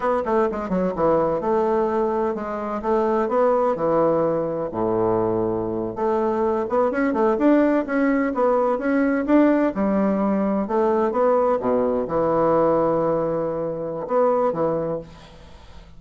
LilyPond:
\new Staff \with { instrumentName = "bassoon" } { \time 4/4 \tempo 4 = 128 b8 a8 gis8 fis8 e4 a4~ | a4 gis4 a4 b4 | e2 a,2~ | a,8. a4. b8 cis'8 a8 d'16~ |
d'8. cis'4 b4 cis'4 d'16~ | d'8. g2 a4 b16~ | b8. b,4 e2~ e16~ | e2 b4 e4 | }